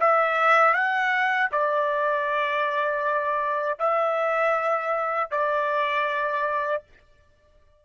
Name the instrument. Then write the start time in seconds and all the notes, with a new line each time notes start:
trumpet
0.00 E5
0.74 F#5
1.52 D5
3.79 E5
5.31 D5